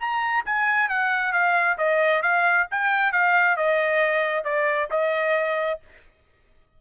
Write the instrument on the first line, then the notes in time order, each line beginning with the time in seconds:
trumpet
0.00 A#5
0.46 G#5
0.89 F#5
1.33 F5
1.78 D#5
2.22 F5
2.71 G5
3.12 F5
3.57 D#5
4.45 D5
4.91 D#5